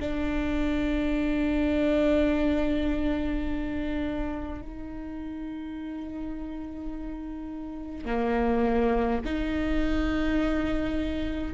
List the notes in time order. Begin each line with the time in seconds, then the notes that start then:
0.00 D4
4.62 D#4
8.06 A#3
9.25 D#4